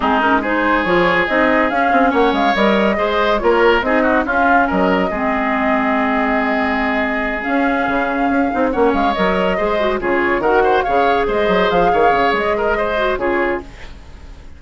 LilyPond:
<<
  \new Staff \with { instrumentName = "flute" } { \time 4/4 \tempo 4 = 141 gis'8 ais'8 c''4 cis''4 dis''4 | f''4 fis''8 f''8 dis''2 | cis''4 dis''4 f''4 dis''4~ | dis''1~ |
dis''4. f''2~ f''8~ | f''8 fis''8 f''8 dis''2 cis''8~ | cis''8 fis''4 f''4 dis''4 f''8~ | f''4 dis''2 cis''4 | }
  \new Staff \with { instrumentName = "oboe" } { \time 4/4 dis'4 gis'2.~ | gis'4 cis''2 c''4 | ais'4 gis'8 fis'8 f'4 ais'4 | gis'1~ |
gis'1~ | gis'8 cis''2 c''4 gis'8~ | gis'8 ais'8 c''8 cis''4 c''4. | cis''4. ais'8 c''4 gis'4 | }
  \new Staff \with { instrumentName = "clarinet" } { \time 4/4 c'8 cis'8 dis'4 f'4 dis'4 | cis'2 ais'4 gis'4 | f'4 dis'4 cis'2 | c'1~ |
c'4. cis'2~ cis'8 | dis'8 cis'4 ais'4 gis'8 fis'8 f'8~ | f'8 fis'4 gis'2~ gis'8~ | gis'2~ gis'8 fis'8 f'4 | }
  \new Staff \with { instrumentName = "bassoon" } { \time 4/4 gis2 f4 c'4 | cis'8 c'8 ais8 gis8 g4 gis4 | ais4 c'4 cis'4 fis4 | gis1~ |
gis4. cis'4 cis4 cis'8 | c'8 ais8 gis8 fis4 gis4 cis8~ | cis8 dis4 cis4 gis8 fis8 f8 | dis8 cis8 gis2 cis4 | }
>>